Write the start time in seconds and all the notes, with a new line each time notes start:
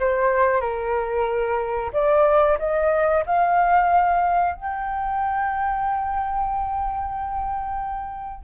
0.00 C5
0.61 A#4
1.93 D5
2.59 D#5
3.27 F5
4.56 G5